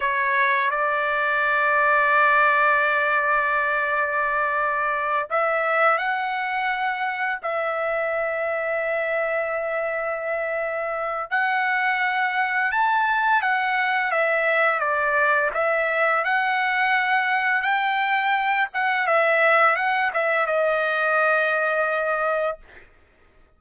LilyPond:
\new Staff \with { instrumentName = "trumpet" } { \time 4/4 \tempo 4 = 85 cis''4 d''2.~ | d''2.~ d''8 e''8~ | e''8 fis''2 e''4.~ | e''1 |
fis''2 a''4 fis''4 | e''4 d''4 e''4 fis''4~ | fis''4 g''4. fis''8 e''4 | fis''8 e''8 dis''2. | }